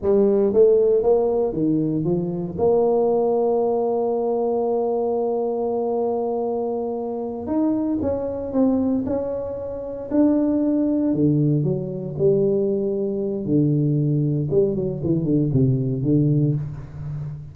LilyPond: \new Staff \with { instrumentName = "tuba" } { \time 4/4 \tempo 4 = 116 g4 a4 ais4 dis4 | f4 ais2.~ | ais1~ | ais2~ ais8 dis'4 cis'8~ |
cis'8 c'4 cis'2 d'8~ | d'4. d4 fis4 g8~ | g2 d2 | g8 fis8 e8 d8 c4 d4 | }